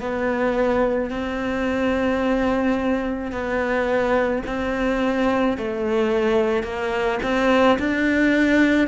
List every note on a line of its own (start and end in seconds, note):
0.00 1.10 B3
1.10 3.31 C4
3.31 4.42 B3
4.46 5.58 C4
5.58 6.63 A3
6.63 7.19 A#3
7.22 7.78 C4
7.78 8.87 D4